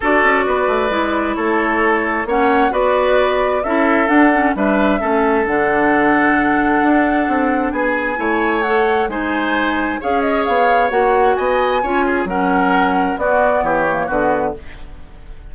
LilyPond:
<<
  \new Staff \with { instrumentName = "flute" } { \time 4/4 \tempo 4 = 132 d''2. cis''4~ | cis''4 fis''4 d''2 | e''4 fis''4 e''2 | fis''1~ |
fis''4 gis''2 fis''4 | gis''2 f''8 dis''8 f''4 | fis''4 gis''2 fis''4~ | fis''4 d''4 cis''4 b'4 | }
  \new Staff \with { instrumentName = "oboe" } { \time 4/4 a'4 b'2 a'4~ | a'4 cis''4 b'2 | a'2 b'4 a'4~ | a'1~ |
a'4 gis'4 cis''2 | c''2 cis''2~ | cis''4 dis''4 cis''8 gis'8 ais'4~ | ais'4 fis'4 g'4 fis'4 | }
  \new Staff \with { instrumentName = "clarinet" } { \time 4/4 fis'2 e'2~ | e'4 cis'4 fis'2 | e'4 d'8 cis'8 d'4 cis'4 | d'1~ |
d'2 e'4 a'4 | dis'2 gis'2 | fis'2 f'4 cis'4~ | cis'4 b4. ais8 b4 | }
  \new Staff \with { instrumentName = "bassoon" } { \time 4/4 d'8 cis'8 b8 a8 gis4 a4~ | a4 ais4 b2 | cis'4 d'4 g4 a4 | d2. d'4 |
c'4 b4 a2 | gis2 cis'4 b4 | ais4 b4 cis'4 fis4~ | fis4 b4 e4 d4 | }
>>